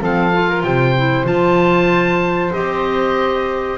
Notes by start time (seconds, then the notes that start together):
0.00 F3 C4 A4 F5
0.33 F4
0.49 A#4
0.63 C3 C5 G5
0.97 E4
1.25 F3 F4 A5
2.53 C4 G4 D#5